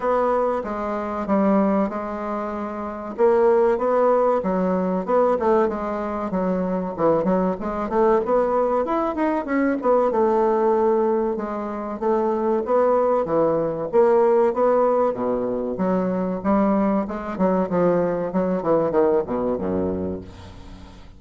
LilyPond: \new Staff \with { instrumentName = "bassoon" } { \time 4/4 \tempo 4 = 95 b4 gis4 g4 gis4~ | gis4 ais4 b4 fis4 | b8 a8 gis4 fis4 e8 fis8 | gis8 a8 b4 e'8 dis'8 cis'8 b8 |
a2 gis4 a4 | b4 e4 ais4 b4 | b,4 fis4 g4 gis8 fis8 | f4 fis8 e8 dis8 b,8 fis,4 | }